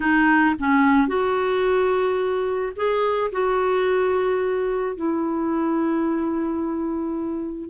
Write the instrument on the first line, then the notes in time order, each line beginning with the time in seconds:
clarinet
0.00 D#4
0.59 C#4
1.07 F#4
2.75 G#4
3.32 F#4
4.95 E4